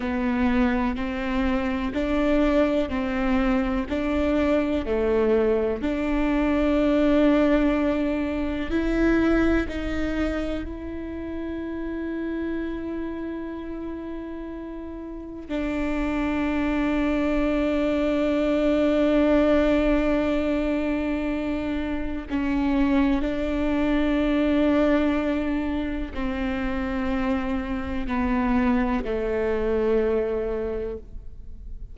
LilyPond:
\new Staff \with { instrumentName = "viola" } { \time 4/4 \tempo 4 = 62 b4 c'4 d'4 c'4 | d'4 a4 d'2~ | d'4 e'4 dis'4 e'4~ | e'1 |
d'1~ | d'2. cis'4 | d'2. c'4~ | c'4 b4 a2 | }